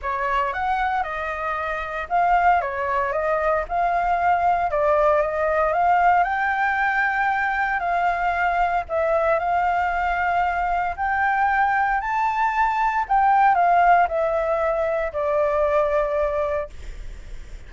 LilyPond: \new Staff \with { instrumentName = "flute" } { \time 4/4 \tempo 4 = 115 cis''4 fis''4 dis''2 | f''4 cis''4 dis''4 f''4~ | f''4 d''4 dis''4 f''4 | g''2. f''4~ |
f''4 e''4 f''2~ | f''4 g''2 a''4~ | a''4 g''4 f''4 e''4~ | e''4 d''2. | }